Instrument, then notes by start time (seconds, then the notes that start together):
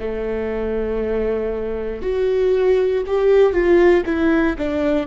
viola
0.00 A3
2.02 F#4
3.07 G4
3.53 F4
4.06 E4
4.59 D4